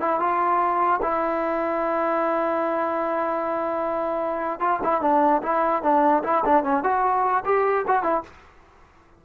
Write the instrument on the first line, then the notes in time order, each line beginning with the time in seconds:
trombone
0.00 E4
0.20 F4
1.02 E4
4.60 F4
4.83 E4
5.01 D4
5.42 E4
5.83 D4
6.23 E4
6.45 D4
6.63 C#4
6.83 F#4
7.45 G4
7.87 F#4
8.03 E4